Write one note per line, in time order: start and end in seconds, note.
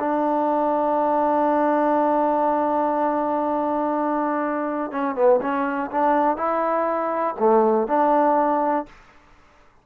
0.00 4.91 D4
4.91 5.15 C#4
5.15 5.40 B3
5.41 5.90 C#4
5.91 6.37 D4
6.37 7.35 E4
7.39 7.88 A3
7.88 8.86 D4